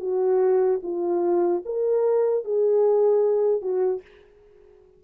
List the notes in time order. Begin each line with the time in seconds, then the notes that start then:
0.00 F#4
0.83 F4
1.65 A#4
2.44 G#4
3.61 F#4